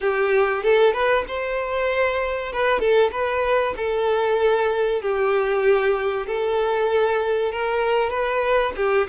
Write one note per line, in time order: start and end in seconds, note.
0.01 0.62 G4
0.62 0.93 A4
0.93 1.24 B4
1.27 2.52 C5
2.52 2.79 B4
2.79 3.11 A4
3.11 3.74 B4
3.77 5.01 A4
5.01 6.26 G4
6.27 7.51 A4
7.51 8.10 A#4
8.10 8.72 B4
8.76 9.07 G4